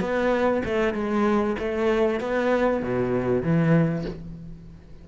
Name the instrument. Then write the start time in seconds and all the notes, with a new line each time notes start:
cello
0.00 B3
0.64 A3
0.94 G#3
1.59 A3
2.20 B3
2.83 B2
3.42 E3